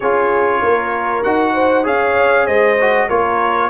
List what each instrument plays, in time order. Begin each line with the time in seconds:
0.00 tuba C#4, trombone F4, horn G#4, trumpet C#5
0.62 tuba A#3, horn A#4
1.23 tuba D#4, trombone F#4, trumpet F#5
1.53 horn C5
1.83 tuba C#4, trombone G#4, horn C#5, trumpet F5
2.45 tuba G#3, horn C5, trumpet D#5
2.80 trombone F#4
3.08 tuba A#3, trombone F4, horn A#4, trumpet C#5